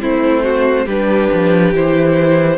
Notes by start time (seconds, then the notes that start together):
0.00 A3 C4 E4 C5
0.44 F#4
0.86 G3 D4 G4 B4
1.33 F3
1.73 E3 E4 C5